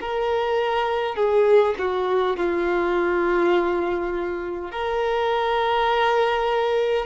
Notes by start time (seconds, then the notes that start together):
0.00 A#4
1.16 G#4
1.78 F#4
2.36 F4
4.71 A#4